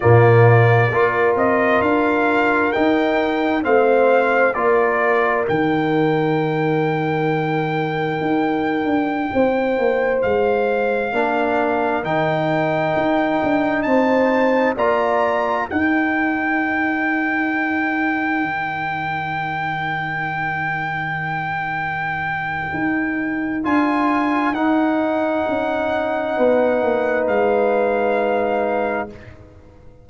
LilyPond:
<<
  \new Staff \with { instrumentName = "trumpet" } { \time 4/4 \tempo 4 = 66 d''4. dis''8 f''4 g''4 | f''4 d''4 g''2~ | g''2.~ g''16 f''8.~ | f''4~ f''16 g''2 a''8.~ |
a''16 ais''4 g''2~ g''8.~ | g''1~ | g''2 gis''4 fis''4~ | fis''2 f''2 | }
  \new Staff \with { instrumentName = "horn" } { \time 4/4 f'4 ais'2. | c''4 ais'2.~ | ais'2~ ais'16 c''4.~ c''16~ | c''16 ais'2. c''8.~ |
c''16 d''4 ais'2~ ais'8.~ | ais'1~ | ais'1~ | ais'4 b'2. | }
  \new Staff \with { instrumentName = "trombone" } { \time 4/4 ais4 f'2 dis'4 | c'4 f'4 dis'2~ | dis'1~ | dis'16 d'4 dis'2~ dis'8.~ |
dis'16 f'4 dis'2~ dis'8.~ | dis'1~ | dis'2 f'4 dis'4~ | dis'1 | }
  \new Staff \with { instrumentName = "tuba" } { \time 4/4 ais,4 ais8 c'8 d'4 dis'4 | a4 ais4 dis2~ | dis4 dis'8. d'8 c'8 ais8 gis8.~ | gis16 ais4 dis4 dis'8 d'8 c'8.~ |
c'16 ais4 dis'2~ dis'8.~ | dis'16 dis2.~ dis8.~ | dis4 dis'4 d'4 dis'4 | cis'4 b8 ais8 gis2 | }
>>